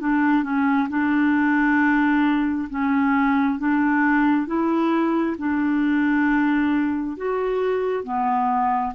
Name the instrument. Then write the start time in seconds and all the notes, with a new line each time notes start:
clarinet
0.00 D4
0.44 C#4
0.90 D4
2.70 C#4
3.59 D4
4.47 E4
5.38 D4
7.17 F#4
8.04 B3